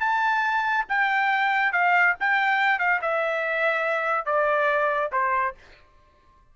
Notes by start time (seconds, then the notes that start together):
0.00 A5
0.89 G5
1.72 F5
2.20 G5
2.79 F5
3.01 E5
4.25 D5
5.12 C5